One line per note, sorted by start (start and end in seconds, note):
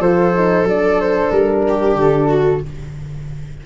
0.00 0.65 F3
0.00 0.35 F4
0.00 1.64 A4
0.00 0.67 C5
0.35 0.67 D#4
0.65 1.30 F#3
0.65 2.62 D4
0.65 1.01 D5
1.01 1.32 C5
1.32 1.95 G3
1.32 1.97 A#4
1.68 2.28 G4
1.95 2.61 D3
1.95 2.66 A4
2.28 2.61 F#4